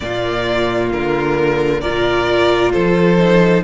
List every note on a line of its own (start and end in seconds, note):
0.00 0.92 A#2
0.00 1.83 A#3
0.00 1.80 F4
0.00 0.89 D5
0.92 1.84 D3
0.92 1.81 A#4
1.80 2.75 A#2
1.80 3.18 F4
1.80 2.71 A#4
1.80 2.72 D5
2.72 3.63 F3
2.72 3.63 A4
2.72 3.63 C5
3.18 3.63 D#4